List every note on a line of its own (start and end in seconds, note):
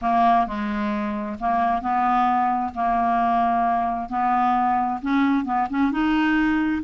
0.01 0.46 A#3
0.46 1.37 G#3
1.40 1.81 A#3
1.81 2.72 B3
2.74 4.09 A#3
4.09 5.00 B3
5.01 5.44 C#4
5.44 5.67 B3
5.70 5.91 C#4
5.91 6.82 D#4